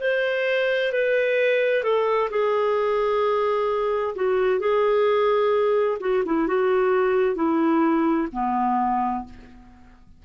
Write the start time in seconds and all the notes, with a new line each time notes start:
0.00 C5
0.92 B4
1.83 A4
2.30 G#4
4.15 F#4
4.59 G#4
6.00 F#4
6.25 E4
6.47 F#4
7.36 E4
8.32 B3